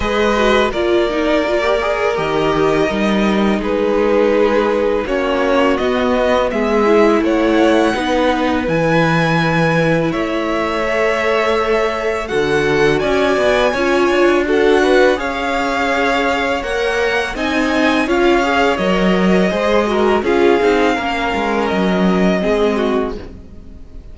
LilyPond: <<
  \new Staff \with { instrumentName = "violin" } { \time 4/4 \tempo 4 = 83 dis''4 d''2 dis''4~ | dis''4 b'2 cis''4 | dis''4 e''4 fis''2 | gis''2 e''2~ |
e''4 fis''4 gis''2 | fis''4 f''2 fis''4 | gis''4 f''4 dis''2 | f''2 dis''2 | }
  \new Staff \with { instrumentName = "violin" } { \time 4/4 b'4 ais'2.~ | ais'4 gis'2 fis'4~ | fis'4 gis'4 cis''4 b'4~ | b'2 cis''2~ |
cis''4 a'4 d''4 cis''4 | a'8 b'8 cis''2. | dis''4 cis''2 c''8 ais'8 | gis'4 ais'2 gis'8 fis'8 | }
  \new Staff \with { instrumentName = "viola" } { \time 4/4 gis'8 fis'8 f'8 dis'8 f'16 g'16 gis'8 g'4 | dis'2. cis'4 | b4. e'4. dis'4 | e'2. a'4~ |
a'4 fis'2 f'4 | fis'4 gis'2 ais'4 | dis'4 f'8 gis'8 ais'4 gis'8 fis'8 | f'8 dis'8 cis'2 c'4 | }
  \new Staff \with { instrumentName = "cello" } { \time 4/4 gis4 ais2 dis4 | g4 gis2 ais4 | b4 gis4 a4 b4 | e2 a2~ |
a4 d4 cis'8 b8 cis'8 d'8~ | d'4 cis'2 ais4 | c'4 cis'4 fis4 gis4 | cis'8 c'8 ais8 gis8 fis4 gis4 | }
>>